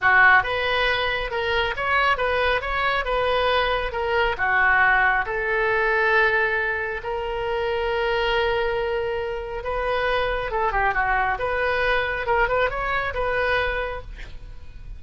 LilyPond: \new Staff \with { instrumentName = "oboe" } { \time 4/4 \tempo 4 = 137 fis'4 b'2 ais'4 | cis''4 b'4 cis''4 b'4~ | b'4 ais'4 fis'2 | a'1 |
ais'1~ | ais'2 b'2 | a'8 g'8 fis'4 b'2 | ais'8 b'8 cis''4 b'2 | }